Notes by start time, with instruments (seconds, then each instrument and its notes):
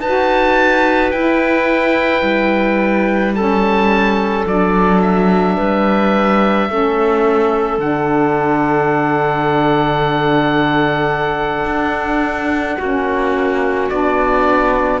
0.00 cello D#4, saxophone F#4, clarinet B4, oboe A5
1.11 cello E4, saxophone E4, oboe G5
2.22 cello G3
3.34 saxophone C#4, clarinet A4, oboe A5
4.45 cello F#3, saxophone D4, oboe D5
5.01 oboe E5
5.56 cello G3, clarinet B4
6.68 cello A3, saxophone C#4, clarinet A4
7.78 cello D3, saxophone D4, oboe F#5
11.65 cello D4
12.77 cello A#3, saxophone C#4, clarinet F#4
13.89 cello B3, saxophone D4, oboe D5